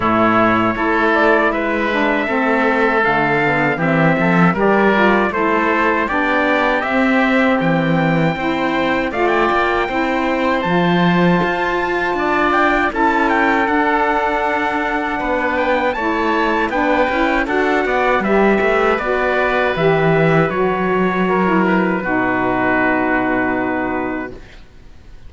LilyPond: <<
  \new Staff \with { instrumentName = "trumpet" } { \time 4/4 \tempo 4 = 79 cis''4. d''8 e''2 | f''4 e''4 d''4 c''4 | d''4 e''4 g''2 | f''16 g''4.~ g''16 a''2~ |
a''8 g''8 a''8 g''8 fis''2~ | fis''8 g''8 a''4 g''4 fis''4 | e''4 d''4 e''4 cis''4~ | cis''8 b'2.~ b'8 | }
  \new Staff \with { instrumentName = "oboe" } { \time 4/4 e'4 a'4 b'4 a'4~ | a'4 g'8 a'8 ais'4 a'4 | g'2. c''4 | d''4 c''2. |
d''4 a'2. | b'4 cis''4 b'4 a'8 d''8 | b'1 | ais'4 fis'2. | }
  \new Staff \with { instrumentName = "saxophone" } { \time 4/4 a4 e'4. d'8 c'4 | a8 b8 c'4 g'8 f'8 e'4 | d'4 c'2 e'4 | f'4 e'4 f'2~ |
f'4 e'4 d'2~ | d'4 e'4 d'8 e'8 fis'4 | g'4 fis'4 g'4 fis'4~ | fis'16 e'8. dis'2. | }
  \new Staff \with { instrumentName = "cello" } { \time 4/4 a,4 a4 gis4 a4 | d4 e8 f8 g4 a4 | b4 c'4 e4 c'4 | a8 ais8 c'4 f4 f'4 |
d'4 cis'4 d'2 | b4 a4 b8 cis'8 d'8 b8 | g8 a8 b4 e4 fis4~ | fis4 b,2. | }
>>